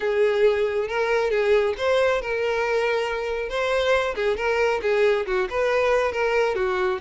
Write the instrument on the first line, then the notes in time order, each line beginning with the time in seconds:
violin
0.00 G#4
0.88 A#4
1.30 G#4
1.77 C5
2.21 A#4
3.49 C5
4.15 G#4
4.37 A#4
4.82 G#4
5.26 F#4
5.50 B4
6.12 A#4
6.55 F#4